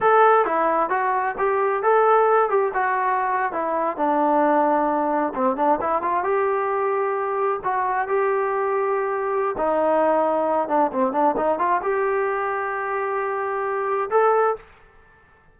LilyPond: \new Staff \with { instrumentName = "trombone" } { \time 4/4 \tempo 4 = 132 a'4 e'4 fis'4 g'4 | a'4. g'8 fis'4.~ fis'16 e'16~ | e'8. d'2. c'16~ | c'16 d'8 e'8 f'8 g'2~ g'16~ |
g'8. fis'4 g'2~ g'16~ | g'4 dis'2~ dis'8 d'8 | c'8 d'8 dis'8 f'8 g'2~ | g'2. a'4 | }